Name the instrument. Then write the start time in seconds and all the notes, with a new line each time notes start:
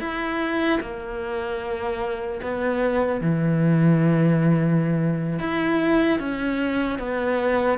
cello
0.00 E4
0.81 A#3
2.43 B3
3.21 E3
5.40 E4
6.20 C#4
6.99 B3